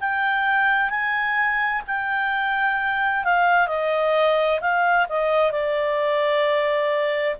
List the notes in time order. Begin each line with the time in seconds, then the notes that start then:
0.00 G5
0.90 G#5
1.87 G5
3.24 F5
3.68 D#5
4.60 F5
5.09 D#5
5.51 D5